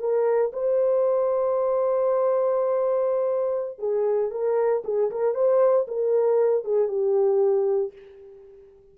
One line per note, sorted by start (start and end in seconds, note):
0.00 0.52 A#4
0.53 3.79 C5
3.79 4.31 G#4
4.31 4.83 A#4
4.85 5.11 G#4
5.11 5.35 A#4
5.35 5.87 C5
5.88 6.65 A#4
6.65 6.88 G#4
6.88 7.93 G4